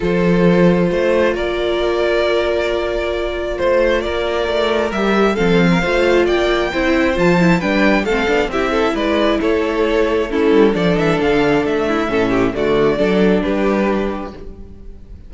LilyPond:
<<
  \new Staff \with { instrumentName = "violin" } { \time 4/4 \tempo 4 = 134 c''2. d''4~ | d''1 | c''4 d''2 e''4 | f''2 g''2 |
a''4 g''4 f''4 e''4 | d''4 cis''2 a'4 | d''8 e''8 f''4 e''2 | d''2 b'2 | }
  \new Staff \with { instrumentName = "violin" } { \time 4/4 a'2 c''4 ais'4~ | ais'1 | c''4 ais'2. | a'8. ais'16 c''4 d''4 c''4~ |
c''4 b'4 a'4 g'8 a'8 | b'4 a'2 e'4 | a'2~ a'8 e'8 a'8 g'8 | fis'4 a'4 g'2 | }
  \new Staff \with { instrumentName = "viola" } { \time 4/4 f'1~ | f'1~ | f'2. g'4 | c'4 f'2 e'4 |
f'8 e'8 d'4 c'8 d'8 e'4~ | e'2. cis'4 | d'2. cis'4 | a4 d'2. | }
  \new Staff \with { instrumentName = "cello" } { \time 4/4 f2 a4 ais4~ | ais1 | a4 ais4 a4 g4 | f4 a4 ais4 c'4 |
f4 g4 a8 b8 c'4 | gis4 a2~ a8 g8 | f8 e8 d4 a4 a,4 | d4 fis4 g2 | }
>>